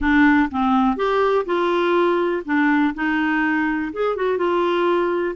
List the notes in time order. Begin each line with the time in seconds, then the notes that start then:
0.00 D4
0.50 C4
0.96 G4
1.45 F4
2.45 D4
2.94 D#4
3.92 G#4
4.16 F#4
4.37 F4